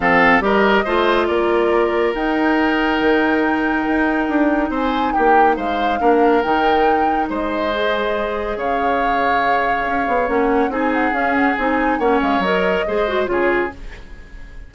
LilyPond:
<<
  \new Staff \with { instrumentName = "flute" } { \time 4/4 \tempo 4 = 140 f''4 dis''2 d''4~ | d''4 g''2.~ | g''2. gis''4 | g''4 f''2 g''4~ |
g''4 dis''2. | f''1 | fis''4 gis''8 fis''8 f''8 fis''8 gis''4 | fis''8 f''8 dis''2 cis''4 | }
  \new Staff \with { instrumentName = "oboe" } { \time 4/4 a'4 ais'4 c''4 ais'4~ | ais'1~ | ais'2. c''4 | g'4 c''4 ais'2~ |
ais'4 c''2. | cis''1~ | cis''4 gis'2. | cis''2 c''4 gis'4 | }
  \new Staff \with { instrumentName = "clarinet" } { \time 4/4 c'4 g'4 f'2~ | f'4 dis'2.~ | dis'1~ | dis'2 d'4 dis'4~ |
dis'2 gis'2~ | gis'1 | cis'4 dis'4 cis'4 dis'4 | cis'4 ais'4 gis'8 fis'8 f'4 | }
  \new Staff \with { instrumentName = "bassoon" } { \time 4/4 f4 g4 a4 ais4~ | ais4 dis'2 dis4~ | dis4 dis'4 d'4 c'4 | ais4 gis4 ais4 dis4~ |
dis4 gis2. | cis2. cis'8 b8 | ais4 c'4 cis'4 c'4 | ais8 gis8 fis4 gis4 cis4 | }
>>